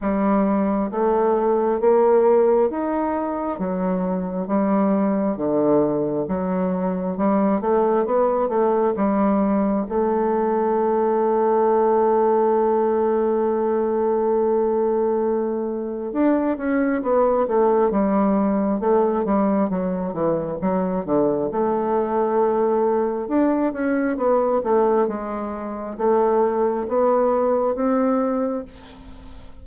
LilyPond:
\new Staff \with { instrumentName = "bassoon" } { \time 4/4 \tempo 4 = 67 g4 a4 ais4 dis'4 | fis4 g4 d4 fis4 | g8 a8 b8 a8 g4 a4~ | a1~ |
a2 d'8 cis'8 b8 a8 | g4 a8 g8 fis8 e8 fis8 d8 | a2 d'8 cis'8 b8 a8 | gis4 a4 b4 c'4 | }